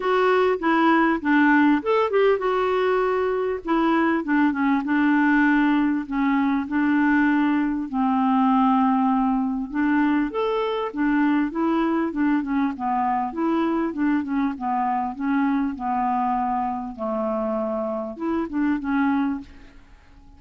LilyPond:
\new Staff \with { instrumentName = "clarinet" } { \time 4/4 \tempo 4 = 99 fis'4 e'4 d'4 a'8 g'8 | fis'2 e'4 d'8 cis'8 | d'2 cis'4 d'4~ | d'4 c'2. |
d'4 a'4 d'4 e'4 | d'8 cis'8 b4 e'4 d'8 cis'8 | b4 cis'4 b2 | a2 e'8 d'8 cis'4 | }